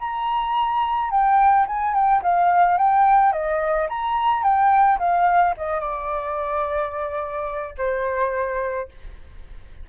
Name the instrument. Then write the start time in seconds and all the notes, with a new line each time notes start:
flute
0.00 A#5
1.11 G5
1.67 G#5
1.94 G5
2.23 F5
2.78 G5
3.33 D#5
3.90 A#5
4.43 G5
4.99 F5
5.58 D#5
5.81 D5
7.78 C5